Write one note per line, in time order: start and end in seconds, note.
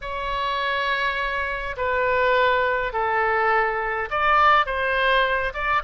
0.01 1.76 C#5
1.76 2.93 B4
2.93 4.09 A4
4.10 4.65 D5
4.65 5.53 C5
5.53 5.82 D5